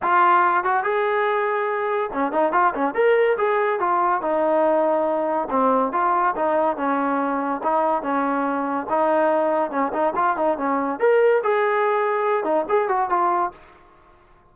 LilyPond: \new Staff \with { instrumentName = "trombone" } { \time 4/4 \tempo 4 = 142 f'4. fis'8 gis'2~ | gis'4 cis'8 dis'8 f'8 cis'8 ais'4 | gis'4 f'4 dis'2~ | dis'4 c'4 f'4 dis'4 |
cis'2 dis'4 cis'4~ | cis'4 dis'2 cis'8 dis'8 | f'8 dis'8 cis'4 ais'4 gis'4~ | gis'4. dis'8 gis'8 fis'8 f'4 | }